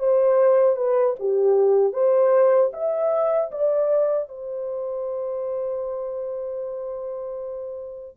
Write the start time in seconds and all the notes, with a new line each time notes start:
0.00 C5
0.77 B4
1.19 G4
1.93 C5
2.73 E5
3.52 D5
4.29 C5